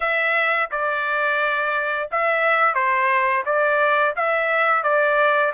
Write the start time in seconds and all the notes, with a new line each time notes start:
0.00 E5
0.71 D5
2.11 E5
2.74 C5
3.45 D5
4.15 E5
4.83 D5